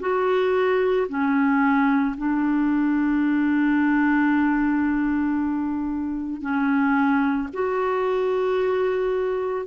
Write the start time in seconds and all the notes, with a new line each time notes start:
0.00 F#4
1.09 C#4
2.18 D4
6.42 C#4
7.53 F#4